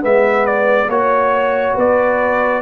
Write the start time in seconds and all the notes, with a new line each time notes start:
0.00 G#3 B3 B4 E5
0.46 D5
0.88 A#3 F#4 C#5
1.74 B3 B4 D5